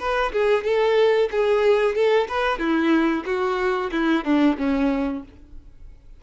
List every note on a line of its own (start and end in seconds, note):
0.00 0.33 B4
0.33 0.65 G#4
0.65 1.30 A4
1.32 1.96 G#4
1.96 2.28 A4
2.29 2.59 B4
2.59 3.24 E4
3.26 3.91 F#4
3.92 4.25 E4
4.25 4.57 D4
4.59 5.24 C#4